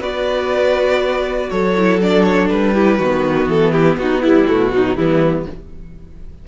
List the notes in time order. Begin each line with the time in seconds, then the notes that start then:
0.00 B3 F#4 B4 D5
1.50 F#3 A4 C#5
1.76 E4
2.01 D4 D5
2.23 C#5
2.49 G3 B4
2.73 E4 G4
2.98 D#3 B3 F#4
3.47 E3 A4
3.72 E4 G4
3.96 B3 D#4 F#4
4.22 G3 E4
4.47 B2 A3 F#4
4.69 F#3 D#4
4.96 E3 G3 B3 E4